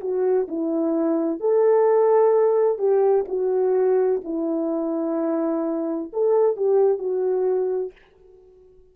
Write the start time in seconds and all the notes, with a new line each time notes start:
0.00 F#4
0.48 E4
1.40 A4
2.78 G4
3.28 F#4
4.24 E4
6.12 A4
6.56 G4
6.98 F#4